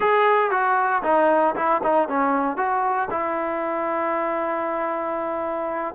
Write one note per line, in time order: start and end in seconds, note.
0.00 0.50 G#4
0.50 1.02 F#4
1.03 1.55 D#4
1.55 1.81 E4
1.83 2.08 D#4
2.08 2.57 C#4
2.57 3.08 F#4
3.10 5.94 E4